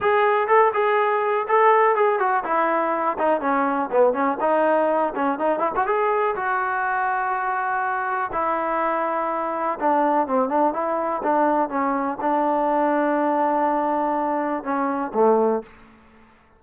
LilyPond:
\new Staff \with { instrumentName = "trombone" } { \time 4/4 \tempo 4 = 123 gis'4 a'8 gis'4. a'4 | gis'8 fis'8 e'4. dis'8 cis'4 | b8 cis'8 dis'4. cis'8 dis'8 e'16 fis'16 | gis'4 fis'2.~ |
fis'4 e'2. | d'4 c'8 d'8 e'4 d'4 | cis'4 d'2.~ | d'2 cis'4 a4 | }